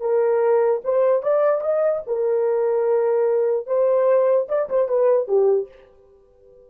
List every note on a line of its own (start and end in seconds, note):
0.00 0.81 A#4
0.84 1.23 C5
1.23 1.61 D5
1.61 2.02 D#5
2.07 3.67 A#4
3.67 4.48 C5
4.49 4.69 D5
4.69 4.88 C5
4.88 5.28 B4
5.28 5.68 G4